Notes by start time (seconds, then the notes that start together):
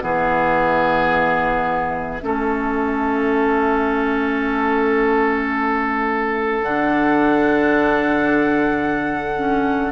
0.00 E3 B3 G#4 E5
2.22 A3 C#4 A4
6.62 D3 D4 F#5
9.37 C#4